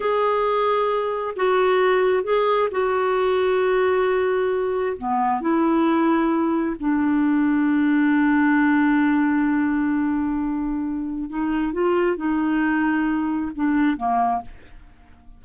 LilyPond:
\new Staff \with { instrumentName = "clarinet" } { \time 4/4 \tempo 4 = 133 gis'2. fis'4~ | fis'4 gis'4 fis'2~ | fis'2. b4 | e'2. d'4~ |
d'1~ | d'1~ | d'4 dis'4 f'4 dis'4~ | dis'2 d'4 ais4 | }